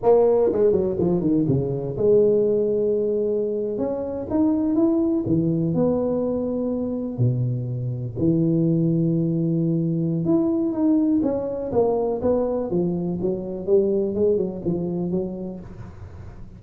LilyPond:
\new Staff \with { instrumentName = "tuba" } { \time 4/4 \tempo 4 = 123 ais4 gis8 fis8 f8 dis8 cis4 | gis2.~ gis8. cis'16~ | cis'8. dis'4 e'4 e4 b16~ | b2~ b8. b,4~ b,16~ |
b,8. e2.~ e16~ | e4 e'4 dis'4 cis'4 | ais4 b4 f4 fis4 | g4 gis8 fis8 f4 fis4 | }